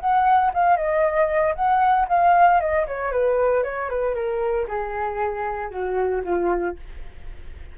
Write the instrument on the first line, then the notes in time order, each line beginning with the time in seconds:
flute
0.00 F#5
0.54 F5
0.77 D#5
1.55 F#5
2.08 F5
2.61 D#5
2.87 C#5
3.12 B4
3.64 C#5
3.90 B4
4.15 A#4
4.68 G#4
5.70 F#4
6.24 F4